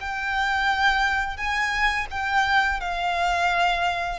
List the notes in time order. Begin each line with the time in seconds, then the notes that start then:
0.00 G5
1.37 G#5
2.11 G5
2.80 F5